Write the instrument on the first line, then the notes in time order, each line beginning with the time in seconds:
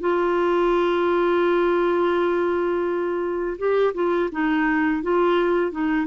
clarinet
0.00 F4
3.58 G4
3.94 F4
4.31 D#4
5.02 F4
5.71 D#4